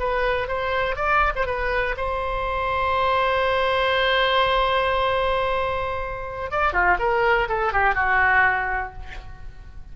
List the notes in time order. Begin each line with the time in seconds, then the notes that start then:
0.00 B4
0.48 C5
0.96 D5
1.36 C5
1.47 B4
1.97 C5
6.51 D5
6.73 F4
6.99 A#4
7.49 A4
7.73 G4
7.95 F#4